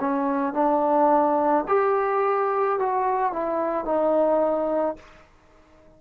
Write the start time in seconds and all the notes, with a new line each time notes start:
0.00 C#4
0.54 D4
1.69 G4
2.79 F#4
3.33 E4
3.85 D#4